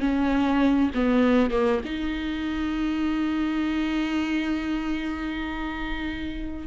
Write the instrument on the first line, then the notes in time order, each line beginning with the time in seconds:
viola
0.00 C#4
0.94 B3
1.51 A#3
1.85 D#4